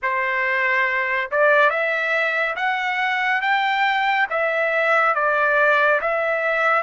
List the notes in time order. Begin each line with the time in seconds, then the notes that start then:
0.02 C5
1.31 D5
1.69 E5
2.56 F#5
3.41 G5
4.30 E5
5.14 D5
6.01 E5